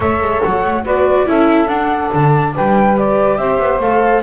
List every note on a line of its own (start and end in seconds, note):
0.00 0.20 A3
0.00 0.83 A4
0.00 0.84 C#5
0.00 0.42 E5
0.20 0.41 G#3
0.43 0.63 F#3
0.43 0.85 F#5
0.63 0.85 A3
0.84 1.26 B3
0.84 1.25 F#4
0.84 1.26 B4
0.84 1.28 D5
1.25 1.67 C#4
1.25 1.66 E4
1.25 2.54 A4
1.25 1.67 E5
1.66 2.93 D4
1.66 2.09 D4
1.66 2.10 F#5
2.13 2.55 D3
2.13 2.55 A5
2.54 3.37 G3
2.54 3.39 B4
2.54 2.98 G5
2.96 3.81 G4
2.96 3.37 D5
3.37 3.58 C4
3.37 4.22 C5
3.37 3.79 E5
3.58 3.79 B3
3.79 4.22 A3
3.79 4.22 A4
3.79 4.22 F5